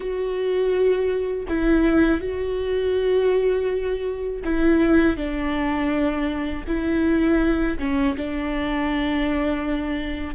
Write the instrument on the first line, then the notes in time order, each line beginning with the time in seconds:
viola
0.00 F#4
1.48 E4
2.20 F#4
4.44 E4
5.16 D4
6.67 E4
7.78 C#4
8.16 D4